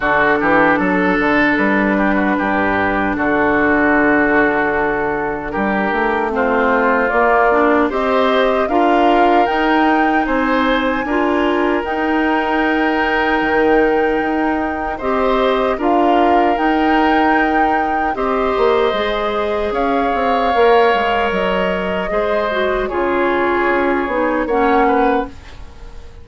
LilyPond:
<<
  \new Staff \with { instrumentName = "flute" } { \time 4/4 \tempo 4 = 76 a'2 b'2 | a'2. ais'4 | c''4 d''4 dis''4 f''4 | g''4 gis''2 g''4~ |
g''2. dis''4 | f''4 g''2 dis''4~ | dis''4 f''2 dis''4~ | dis''4 cis''2 fis''4 | }
  \new Staff \with { instrumentName = "oboe" } { \time 4/4 fis'8 g'8 a'4. g'16 fis'16 g'4 | fis'2. g'4 | f'2 c''4 ais'4~ | ais'4 c''4 ais'2~ |
ais'2. c''4 | ais'2. c''4~ | c''4 cis''2. | c''4 gis'2 cis''8 b'8 | }
  \new Staff \with { instrumentName = "clarinet" } { \time 4/4 d'1~ | d'1 | c'4 ais8 d'8 g'4 f'4 | dis'2 f'4 dis'4~ |
dis'2. g'4 | f'4 dis'2 g'4 | gis'2 ais'2 | gis'8 fis'8 f'4. dis'8 cis'4 | }
  \new Staff \with { instrumentName = "bassoon" } { \time 4/4 d8 e8 fis8 d8 g4 g,4 | d2. g8 a8~ | a4 ais4 c'4 d'4 | dis'4 c'4 d'4 dis'4~ |
dis'4 dis4 dis'4 c'4 | d'4 dis'2 c'8 ais8 | gis4 cis'8 c'8 ais8 gis8 fis4 | gis4 cis4 cis'8 b8 ais4 | }
>>